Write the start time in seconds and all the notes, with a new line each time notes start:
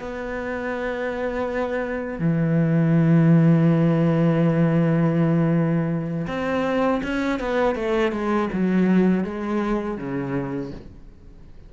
0.00 B3
2.20 E3
6.28 C4
7.04 C#4
7.40 B3
7.75 A3
8.12 G#3
8.53 F#3
9.25 G#3
9.98 C#3